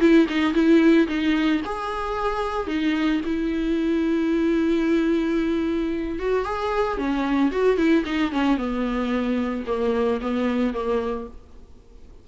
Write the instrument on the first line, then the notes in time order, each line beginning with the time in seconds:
viola
0.00 E4
0.28 D#4
0.54 E4
1.08 D#4
1.65 G#4
2.67 D#4
3.25 E4
6.19 F#4
6.45 G#4
6.97 C#4
7.52 F#4
7.77 E4
8.05 D#4
8.32 C#4
8.57 B3
9.67 A#3
10.21 B3
10.74 A#3